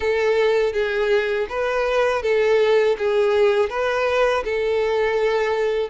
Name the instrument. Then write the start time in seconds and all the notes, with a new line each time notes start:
violin
0.00 A4
0.72 G#4
1.49 B4
2.22 A4
2.98 G#4
3.69 B4
4.44 A4